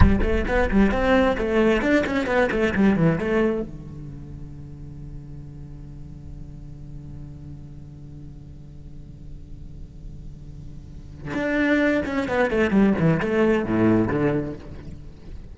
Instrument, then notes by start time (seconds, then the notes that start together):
cello
0.00 G3
0.22 A3
0.47 B3
0.70 G3
0.91 C4
1.37 A3
1.81 D4
2.06 C#4
2.26 B3
2.51 A3
2.75 G3
2.96 E3
3.18 A3
3.61 D3
11.34 D4
12.05 C#4
12.28 B3
12.50 A3
12.70 G3
12.99 E3
13.20 A3
13.65 A2
14.07 D3